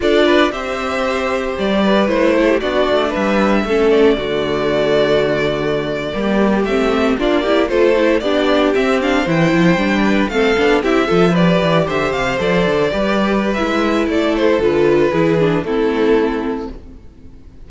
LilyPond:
<<
  \new Staff \with { instrumentName = "violin" } { \time 4/4 \tempo 4 = 115 d''4 e''2 d''4 | c''4 d''4 e''4. d''8~ | d''1~ | d''8. e''4 d''4 c''4 d''16~ |
d''8. e''8 f''8 g''2 f''16~ | f''8. e''4 d''4 e''8 f''8 d''16~ | d''2 e''4 d''8 c''8 | b'2 a'2 | }
  \new Staff \with { instrumentName = "violin" } { \time 4/4 a'8 b'8 c''2~ c''8 b'8~ | b'8 a'16 g'16 fis'4 b'4 a'4 | fis'2.~ fis'8. g'16~ | g'4.~ g'16 f'8 g'8 a'4 g'16~ |
g'4.~ g'16 c''4. b'8 a'16~ | a'8. g'8 a'8 b'4 c''4~ c''16~ | c''8. b'2~ b'16 a'4~ | a'4 gis'4 e'2 | }
  \new Staff \with { instrumentName = "viola" } { \time 4/4 f'4 g'2. | e'4 d'2 cis'4 | a2.~ a8. ais16~ | ais8. c'4 d'8 e'8 f'8 e'8 d'16~ |
d'8. c'8 d'8 e'4 d'4 c'16~ | c'16 d'8 e'8 f'8 g'2 a'16~ | a'8. g'4~ g'16 e'2 | f'4 e'8 d'8 c'2 | }
  \new Staff \with { instrumentName = "cello" } { \time 4/4 d'4 c'2 g4 | a4 b8 a8 g4 a4 | d2.~ d8. g16~ | g8. a4 ais4 a4 b16~ |
b8. c'4 e8 f8 g4 a16~ | a16 b8 c'8 f4 e8 d8 c8 f16~ | f16 d8 g4~ g16 gis4 a4 | d4 e4 a2 | }
>>